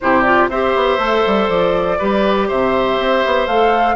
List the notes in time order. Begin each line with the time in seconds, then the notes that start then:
0.00 C3 E4 G4 C5
0.22 F4 D5
0.49 C4 G4 C5 E5
0.75 B3
0.98 A3 A4
1.26 G3
1.48 F3 D5
1.98 G3 G4 B4
2.48 C3 C5 E5
2.98 C4
3.25 B3
3.46 A3 A4 F5